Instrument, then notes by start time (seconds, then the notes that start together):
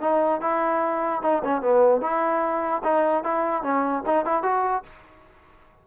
trombone
0.00 D#4
0.41 E4
1.22 D#4
1.44 C#4
1.62 B3
2.01 E4
2.84 D#4
3.24 E4
3.63 C#4
4.06 D#4
4.25 E4
4.42 F#4